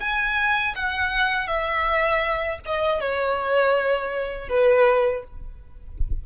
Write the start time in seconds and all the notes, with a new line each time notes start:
0.00 G#5
0.75 F#5
1.47 E5
2.66 D#5
3.01 C#5
4.49 B4